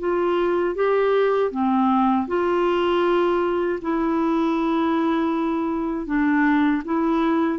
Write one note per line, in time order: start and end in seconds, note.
0.00 0.76 F4
0.76 1.52 G4
1.52 2.28 C4
2.28 3.80 F4
3.82 6.07 E4
6.07 6.83 D4
6.85 7.59 E4